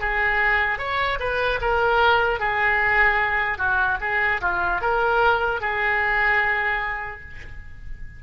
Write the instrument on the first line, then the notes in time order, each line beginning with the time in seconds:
oboe
0.00 G#4
0.78 C#5
1.20 B4
1.61 A#4
2.40 G#4
3.58 F#4
4.01 G#4
4.41 F4
4.81 A#4
5.61 G#4